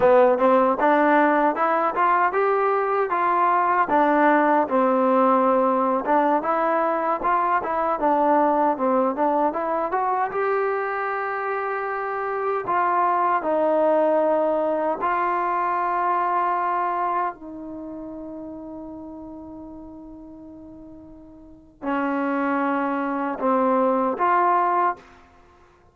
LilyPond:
\new Staff \with { instrumentName = "trombone" } { \time 4/4 \tempo 4 = 77 b8 c'8 d'4 e'8 f'8 g'4 | f'4 d'4 c'4.~ c'16 d'16~ | d'16 e'4 f'8 e'8 d'4 c'8 d'16~ | d'16 e'8 fis'8 g'2~ g'8.~ |
g'16 f'4 dis'2 f'8.~ | f'2~ f'16 dis'4.~ dis'16~ | dis'1 | cis'2 c'4 f'4 | }